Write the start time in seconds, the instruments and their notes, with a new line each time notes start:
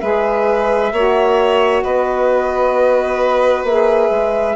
0.00 bassoon G#3, saxophone G#4, violin B4, flute E5
0.92 bassoon A#3, saxophone F#4, violin C#5
1.83 bassoon B3, violin B4, flute D#5
3.64 bassoon A#3, saxophone G#4, flute E5
4.10 bassoon G#3